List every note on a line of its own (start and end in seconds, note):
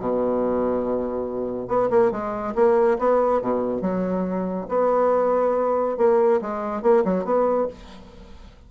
0.00 1.68 B2
1.68 1.90 B3
1.91 2.12 A#3
2.12 2.55 G#3
2.55 2.98 A#3
2.99 3.42 B3
3.42 3.82 B2
3.82 4.68 F#3
4.69 5.98 B3
5.98 6.41 A#3
6.42 6.83 G#3
6.83 7.04 A#3
7.05 7.25 F#3
7.25 7.68 B3